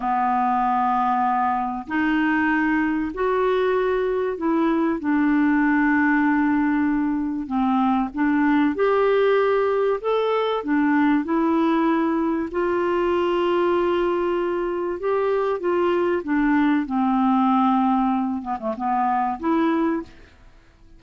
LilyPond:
\new Staff \with { instrumentName = "clarinet" } { \time 4/4 \tempo 4 = 96 b2. dis'4~ | dis'4 fis'2 e'4 | d'1 | c'4 d'4 g'2 |
a'4 d'4 e'2 | f'1 | g'4 f'4 d'4 c'4~ | c'4. b16 a16 b4 e'4 | }